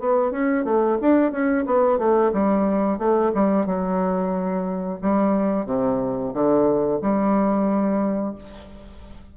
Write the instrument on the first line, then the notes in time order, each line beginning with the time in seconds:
bassoon
0.00 B3
0.32 C#4
0.65 A3
1.02 D4
1.32 C#4
1.66 B3
1.98 A3
2.33 G3
2.98 A3
3.35 G3
3.66 F#3
5.02 G3
5.66 C3
6.34 D3
7.02 G3